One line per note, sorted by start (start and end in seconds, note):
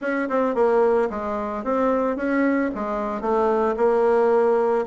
0.01 0.28 C#4
0.29 0.54 C4
0.54 1.08 A#3
1.10 1.64 G#3
1.64 2.16 C4
2.16 2.70 C#4
2.74 3.21 G#3
3.21 3.75 A3
3.76 4.85 A#3